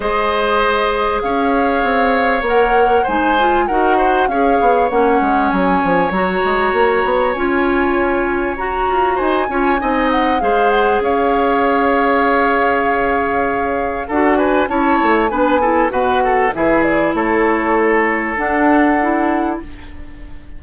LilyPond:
<<
  \new Staff \with { instrumentName = "flute" } { \time 4/4 \tempo 4 = 98 dis''2 f''2 | fis''4 gis''4 fis''4 f''4 | fis''4 gis''4 ais''2 | gis''2 ais''4 gis''4~ |
gis''8 fis''8 f''8 fis''8 f''2~ | f''2. fis''8 gis''8 | a''4 gis''4 fis''4 e''8 d''8 | cis''2 fis''2 | }
  \new Staff \with { instrumentName = "oboe" } { \time 4/4 c''2 cis''2~ | cis''4 c''4 ais'8 c''8 cis''4~ | cis''1~ | cis''2. c''8 cis''8 |
dis''4 c''4 cis''2~ | cis''2. a'8 b'8 | cis''4 b'8 a'8 b'8 a'8 gis'4 | a'1 | }
  \new Staff \with { instrumentName = "clarinet" } { \time 4/4 gis'1 | ais'4 dis'8 f'8 fis'4 gis'4 | cis'2 fis'2 | f'2 fis'4. f'8 |
dis'4 gis'2.~ | gis'2. fis'4 | e'4 d'8 e'8 fis'4 e'4~ | e'2 d'4 e'4 | }
  \new Staff \with { instrumentName = "bassoon" } { \time 4/4 gis2 cis'4 c'4 | ais4 gis4 dis'4 cis'8 b8 | ais8 gis8 fis8 f8 fis8 gis8 ais8 b8 | cis'2 fis'8 f'8 dis'8 cis'8 |
c'4 gis4 cis'2~ | cis'2. d'4 | cis'8 a8 b4 b,4 e4 | a2 d'2 | }
>>